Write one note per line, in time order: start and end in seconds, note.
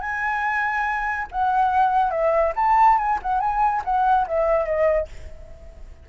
0.00 1.27 G#5
1.31 2.10 F#5
2.10 2.52 E5
2.55 2.98 A5
2.98 3.19 G#5
3.22 3.40 F#5
3.40 3.82 G#5
3.84 4.26 F#5
4.27 4.65 E5
4.65 5.07 D#5